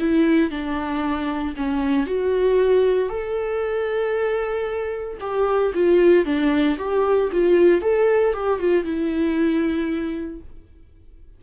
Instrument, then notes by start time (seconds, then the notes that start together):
viola
0.00 E4
0.51 D4
1.56 C#4
2.07 F#4
3.09 A4
5.21 G4
5.74 F4
6.25 D4
6.78 G4
7.32 F4
7.81 A4
8.34 G4
8.60 F4
8.84 E4